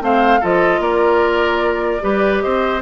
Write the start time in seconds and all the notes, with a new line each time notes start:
0.00 A3 C4 C5 F5
0.40 F3 F4 A4 D#5
0.79 A#3 A#4 D5
2.00 G3 G4 B4
2.40 C4 C5 D#5